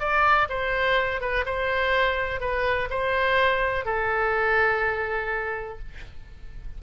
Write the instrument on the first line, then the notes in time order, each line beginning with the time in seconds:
oboe
0.00 D5
0.50 C5
1.21 B4
1.46 C5
2.41 B4
2.90 C5
3.85 A4